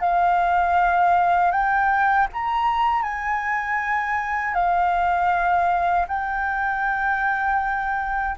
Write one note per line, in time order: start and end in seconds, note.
0.00 1.51 F5
1.51 2.27 G5
2.32 3.02 A#5
3.02 4.54 G#5
4.54 6.06 F5
6.08 8.35 G5